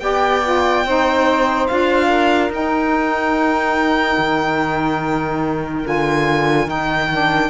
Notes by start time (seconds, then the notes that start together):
0.00 B3 G4 D5 G5
0.44 F4
0.85 C4 D#4 C5
1.68 D4 F4 F5
2.07 A#4
2.50 D#4 G5
4.18 D#3
5.84 D3 F4 G#5
6.67 D#3 D#4 G5
7.12 D4